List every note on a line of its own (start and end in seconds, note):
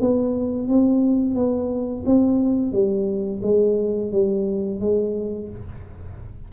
0.00 0.68 B3
0.68 1.34 C4
1.34 2.03 B3
2.06 2.72 C4
2.72 3.41 G3
3.43 4.12 G#3
4.12 4.80 G3
4.80 5.49 G#3